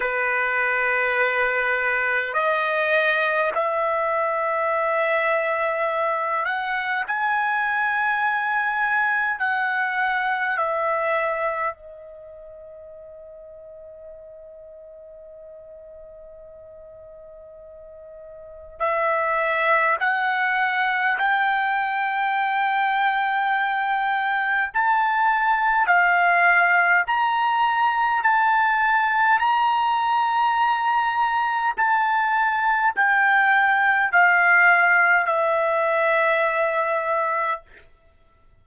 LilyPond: \new Staff \with { instrumentName = "trumpet" } { \time 4/4 \tempo 4 = 51 b'2 dis''4 e''4~ | e''4. fis''8 gis''2 | fis''4 e''4 dis''2~ | dis''1 |
e''4 fis''4 g''2~ | g''4 a''4 f''4 ais''4 | a''4 ais''2 a''4 | g''4 f''4 e''2 | }